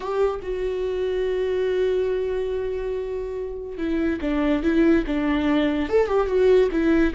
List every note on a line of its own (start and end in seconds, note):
0.00 0.39 G4
0.41 3.77 F#4
3.77 4.19 E4
4.21 4.62 D4
4.62 5.04 E4
5.06 5.89 D4
5.89 6.06 A4
6.06 6.27 G4
6.27 6.69 F#4
6.71 7.13 E4